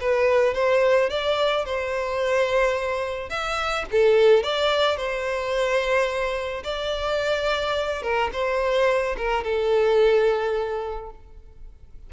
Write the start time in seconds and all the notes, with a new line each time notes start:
0.00 B4
0.54 C5
1.09 D5
1.65 C5
3.29 E5
3.91 A4
4.43 D5
4.96 C5
6.63 D5
8.02 A#4
8.32 C5
9.17 A#4
9.43 A4